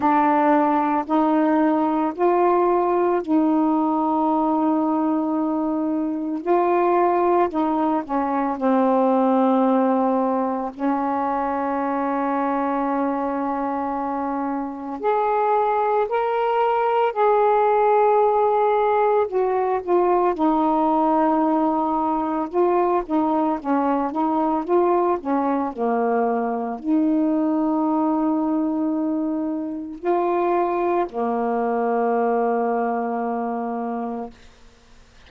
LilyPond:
\new Staff \with { instrumentName = "saxophone" } { \time 4/4 \tempo 4 = 56 d'4 dis'4 f'4 dis'4~ | dis'2 f'4 dis'8 cis'8 | c'2 cis'2~ | cis'2 gis'4 ais'4 |
gis'2 fis'8 f'8 dis'4~ | dis'4 f'8 dis'8 cis'8 dis'8 f'8 cis'8 | ais4 dis'2. | f'4 ais2. | }